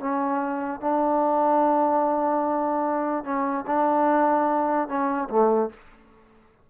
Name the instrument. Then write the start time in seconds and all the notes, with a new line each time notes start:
trombone
0.00 C#4
0.81 D4
3.25 C#4
3.67 D4
4.88 C#4
5.29 A3